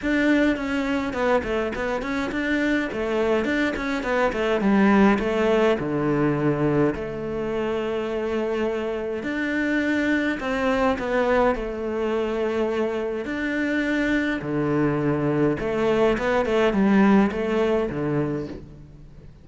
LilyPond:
\new Staff \with { instrumentName = "cello" } { \time 4/4 \tempo 4 = 104 d'4 cis'4 b8 a8 b8 cis'8 | d'4 a4 d'8 cis'8 b8 a8 | g4 a4 d2 | a1 |
d'2 c'4 b4 | a2. d'4~ | d'4 d2 a4 | b8 a8 g4 a4 d4 | }